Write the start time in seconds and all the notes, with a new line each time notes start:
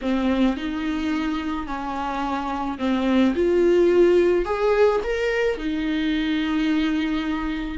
0.02 C4
0.57 D#4
1.66 C#4
2.78 C4
3.35 F4
4.45 G#4
5.03 A#4
5.57 D#4